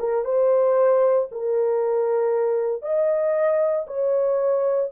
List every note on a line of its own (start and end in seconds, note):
0.00 0.25 A#4
0.25 1.29 C5
1.32 2.83 A#4
2.83 3.86 D#5
3.88 4.91 C#5